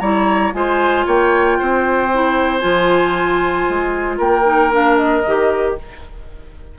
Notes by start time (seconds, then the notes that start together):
0.00 G3 E4 C#5 A#5
0.53 G#3 F4 C5 G#5
1.06 A#3 C#5 G5
1.59 C4 C5
2.14 E4
2.60 F3 F4 G#5
3.69 G#3
4.18 A#3 A#4 G5
4.44 D#4
4.72 D4 F5
4.97 D#5
5.26 D#3 G4